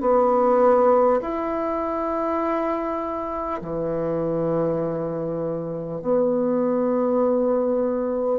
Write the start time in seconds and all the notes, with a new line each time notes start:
0.00 B3
1.21 E4
3.61 E3
6.01 B3